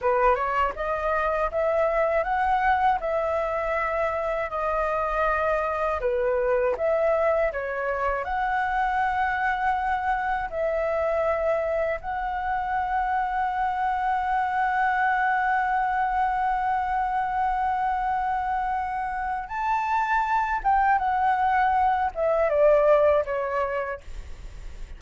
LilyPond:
\new Staff \with { instrumentName = "flute" } { \time 4/4 \tempo 4 = 80 b'8 cis''8 dis''4 e''4 fis''4 | e''2 dis''2 | b'4 e''4 cis''4 fis''4~ | fis''2 e''2 |
fis''1~ | fis''1~ | fis''2 a''4. g''8 | fis''4. e''8 d''4 cis''4 | }